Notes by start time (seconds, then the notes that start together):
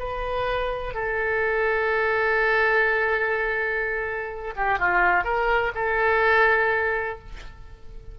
0.00 B4
0.94 A4
4.57 G4
4.79 F4
5.24 A#4
5.75 A4